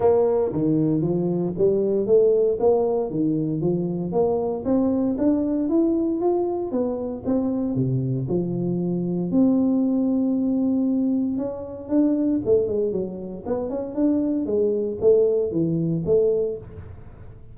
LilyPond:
\new Staff \with { instrumentName = "tuba" } { \time 4/4 \tempo 4 = 116 ais4 dis4 f4 g4 | a4 ais4 dis4 f4 | ais4 c'4 d'4 e'4 | f'4 b4 c'4 c4 |
f2 c'2~ | c'2 cis'4 d'4 | a8 gis8 fis4 b8 cis'8 d'4 | gis4 a4 e4 a4 | }